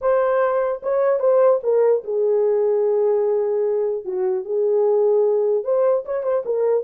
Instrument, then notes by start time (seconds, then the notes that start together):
horn
0.01 C5
0.82 C#5
1.19 C5
1.63 A#4
2.03 G#4
4.04 F#4
4.44 G#4
5.64 C5
6.05 C#5
6.23 C5
6.45 A#4